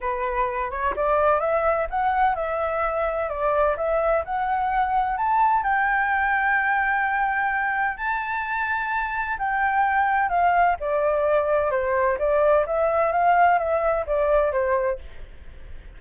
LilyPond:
\new Staff \with { instrumentName = "flute" } { \time 4/4 \tempo 4 = 128 b'4. cis''8 d''4 e''4 | fis''4 e''2 d''4 | e''4 fis''2 a''4 | g''1~ |
g''4 a''2. | g''2 f''4 d''4~ | d''4 c''4 d''4 e''4 | f''4 e''4 d''4 c''4 | }